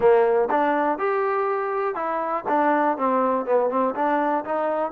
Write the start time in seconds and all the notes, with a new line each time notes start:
0.00 A#3
0.50 D4
0.98 G4
1.95 E4
2.48 D4
2.97 C4
3.45 B3
3.70 C4
3.95 D4
4.44 D#4